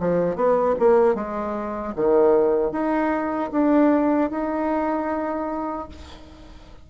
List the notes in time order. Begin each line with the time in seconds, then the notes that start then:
0.00 F3
0.36 B3
0.80 A#3
1.16 G#3
1.96 D#3
2.72 D#4
3.52 D4
4.31 D#4